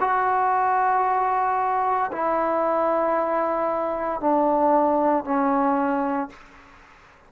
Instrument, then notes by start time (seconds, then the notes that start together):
trombone
0.00 F#4
2.12 E4
4.20 D4
5.24 C#4